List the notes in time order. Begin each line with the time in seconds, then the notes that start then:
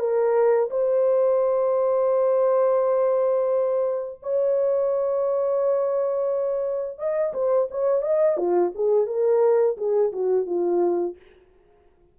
0.00 A#4
0.71 C5
4.23 C#5
6.99 D#5
7.34 C5
7.71 C#5
8.02 D#5
8.38 F4
8.75 G#4
9.07 A#4
9.77 G#4
10.13 F#4
10.47 F4